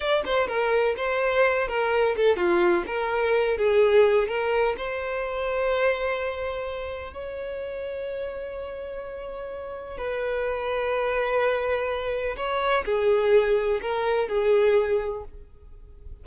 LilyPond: \new Staff \with { instrumentName = "violin" } { \time 4/4 \tempo 4 = 126 d''8 c''8 ais'4 c''4. ais'8~ | ais'8 a'8 f'4 ais'4. gis'8~ | gis'4 ais'4 c''2~ | c''2. cis''4~ |
cis''1~ | cis''4 b'2.~ | b'2 cis''4 gis'4~ | gis'4 ais'4 gis'2 | }